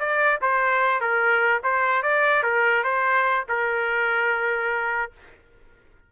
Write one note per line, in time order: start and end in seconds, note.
0.00 0.41 D5
0.42 1.01 C5
1.01 1.62 A#4
1.64 2.03 C5
2.03 2.43 D5
2.43 2.84 A#4
2.84 3.46 C5
3.49 5.12 A#4